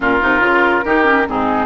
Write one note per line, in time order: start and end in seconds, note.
0.00 0.20 A#2
0.00 0.20 C#4
0.00 0.85 F4
0.00 1.28 A#4
0.21 0.40 C3
0.21 0.40 D#4
0.40 0.82 C#3
0.40 0.82 F4
0.85 1.27 D#3
0.85 1.03 D#4
0.85 1.27 G4
1.03 1.24 C#4
1.27 1.66 G#2
1.27 1.66 C4
1.27 1.66 D#4
1.27 1.66 G#4